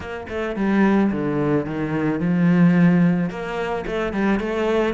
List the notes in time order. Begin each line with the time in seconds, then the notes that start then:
0.00 A#3
0.29 A3
0.56 G3
1.11 D3
1.65 D#3
2.19 F3
3.30 A#3
3.86 A3
4.13 G3
4.39 A3